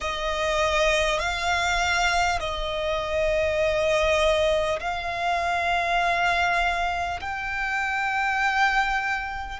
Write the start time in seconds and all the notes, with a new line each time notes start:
0.01 D#5
1.19 F5
2.39 D#5
4.80 F5
7.20 G5